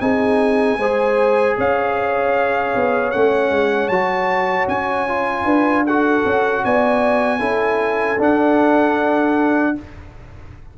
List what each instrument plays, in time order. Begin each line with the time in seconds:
0.00 tuba C4, trombone D#4, horn G#4, trumpet G#5
0.78 tuba G#3, trombone G#4, horn C5
1.57 tuba C#4, horn C#5, trumpet F5
2.75 tuba B3
3.11 tuba A3, trombone C#4, trumpet F#5
3.50 tuba G#3
3.88 tuba F#3, trombone F#4, trumpet A5
4.67 tuba C#4, trumpet G#5
5.08 trombone F4
5.44 tuba D4, horn B4
5.84 trombone F#4, horn A4, trumpet F#5
6.25 tuba C#4
6.64 tuba B3, horn D5, trumpet G#5
7.39 tuba C#4, trombone E4, horn A4
8.19 tuba D4, trombone D4, trumpet F#5